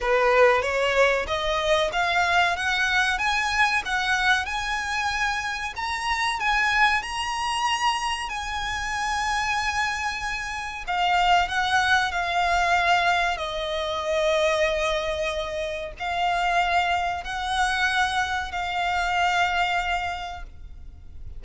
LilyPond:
\new Staff \with { instrumentName = "violin" } { \time 4/4 \tempo 4 = 94 b'4 cis''4 dis''4 f''4 | fis''4 gis''4 fis''4 gis''4~ | gis''4 ais''4 gis''4 ais''4~ | ais''4 gis''2.~ |
gis''4 f''4 fis''4 f''4~ | f''4 dis''2.~ | dis''4 f''2 fis''4~ | fis''4 f''2. | }